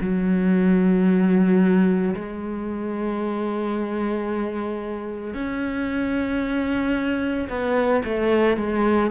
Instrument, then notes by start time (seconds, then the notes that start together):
cello
0.00 F#3
2.14 G#3
5.34 C#4
7.49 B3
8.04 A3
8.57 G#3